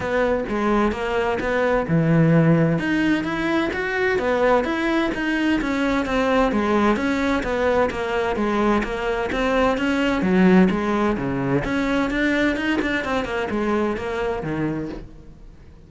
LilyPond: \new Staff \with { instrumentName = "cello" } { \time 4/4 \tempo 4 = 129 b4 gis4 ais4 b4 | e2 dis'4 e'4 | fis'4 b4 e'4 dis'4 | cis'4 c'4 gis4 cis'4 |
b4 ais4 gis4 ais4 | c'4 cis'4 fis4 gis4 | cis4 cis'4 d'4 dis'8 d'8 | c'8 ais8 gis4 ais4 dis4 | }